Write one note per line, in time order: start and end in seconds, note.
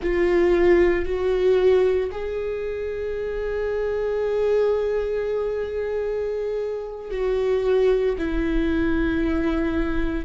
0.02 1.05 F4
1.05 2.10 F#4
2.11 7.11 G#4
7.11 8.16 F#4
8.18 10.25 E4